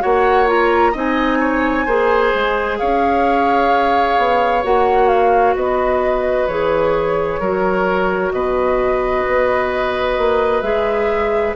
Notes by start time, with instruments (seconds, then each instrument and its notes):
0.00 bassoon A#3, clarinet F#4, oboe C#5, flute F#5
0.47 clarinet F4, flute A#5
0.92 bassoon C4, clarinet D#4, oboe D#5
0.98 flute G#5
1.40 oboe C#5
1.86 bassoon A#3, clarinet G#4, oboe C5
2.34 bassoon G#3
2.79 bassoon C#4, oboe C#5, flute F5
4.18 bassoon B3
4.63 bassoon A#3, clarinet F#4, flute F#5
5.08 flute F5
5.56 bassoon B3, oboe B4, flute D#5
6.47 bassoon E3, clarinet G#4, flute C#5
7.40 bassoon F#3, clarinet F#4, oboe A#4
8.32 bassoon B2, oboe B4, flute D#5
9.27 bassoon B3
10.18 bassoon A#3
10.62 bassoon G#3, clarinet G#4, flute E5